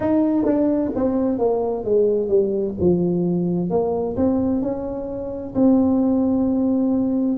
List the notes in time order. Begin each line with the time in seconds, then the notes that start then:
0.00 D#4
0.44 D4
0.95 C4
1.38 A#3
1.84 G#3
2.28 G3
2.80 F3
3.69 A#3
4.16 C4
4.62 C#4
5.54 C4